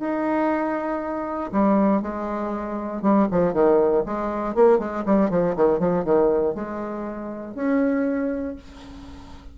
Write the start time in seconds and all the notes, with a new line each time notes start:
0.00 D#4
1.52 G3
2.03 G#3
3.02 G3
3.32 F3
3.54 D#3
4.06 G#3
4.55 A#3
4.79 G#3
5.06 G3
5.31 F3
5.56 D#3
5.80 F3
6.05 D#3
6.55 G#3
7.55 C#4